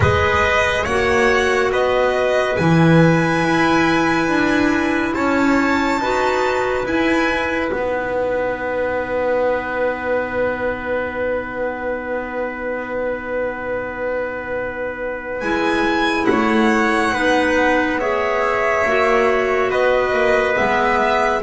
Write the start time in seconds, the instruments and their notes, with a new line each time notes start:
0.00 double bass G#3, clarinet G#4, trumpet B4, violin D#5
0.83 double bass A#3, clarinet F#4, trumpet C#5, violin F#5
1.71 double bass B3, trumpet B4, violin D#5
2.56 double bass E3, clarinet E4, violin G#5
3.44 double bass E4
4.28 double bass D4
5.14 double bass C#4, trumpet C#5, violin A5
5.98 double bass D#4, clarinet F#4, trumpet B4
6.85 double bass E4, clarinet E4, violin G#5
7.71 double bass B3, clarinet D#4, violin F#5
15.40 double bass G#3, clarinet E4, violin G#5
16.25 double bass A3, trumpet C#5, violin F#5
17.12 double bass B3, clarinet D#4, trumpet B4
17.99 clarinet G#4, trumpet C#5, violin E5
18.85 double bass A#3, clarinet F#4
19.70 double bass B3, trumpet B4, violin D#5
20.12 double bass A#3
20.54 double bass G#3, clarinet B3, violin E5